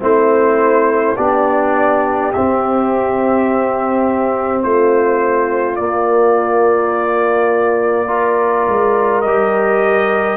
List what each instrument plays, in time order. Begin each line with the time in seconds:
0.00 tuba A3, trombone C4, horn E4, trumpet C5
1.16 tuba B3, trombone D4, horn G4, trumpet D5
2.32 trombone C4, tuba C4, trumpet E5
4.63 tuba A3, horn F4, trumpet C5
5.75 trombone A#3, tuba A#3, trumpet D5
8.07 trombone F4, horn A#4
8.68 tuba G#3
9.21 tuba G3, trombone G4, trumpet D#5